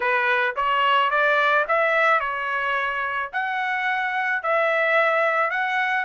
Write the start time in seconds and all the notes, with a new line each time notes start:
0.00 B4
0.56 C#5
1.10 D5
1.68 E5
2.20 C#5
3.32 F#5
4.43 E5
5.50 F#5